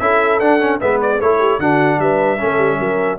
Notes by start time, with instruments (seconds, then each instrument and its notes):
0.00 tuba C#4, trombone E4, horn A4, trumpet E5
0.40 tuba D4, trombone D4, trumpet F#5
0.60 trombone C#4
0.81 tuba G#3, trombone B3, horn B4, trumpet E5
1.02 trumpet D5
1.20 tuba A3, trombone E4, horn A4, trumpet C#5
1.40 horn G4
1.59 tuba D3, trombone D4, horn F#4, trumpet F#5
1.99 tuba G3, horn B4, trumpet E5
2.38 tuba A3, trombone C#4, horn A4
2.58 tuba G3
2.79 tuba F#3, horn A#4